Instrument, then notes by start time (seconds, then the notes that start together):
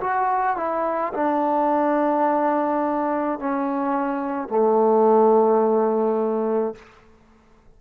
trombone
0.00 F#4
0.56 E4
1.14 D4
3.39 C#4
4.48 A3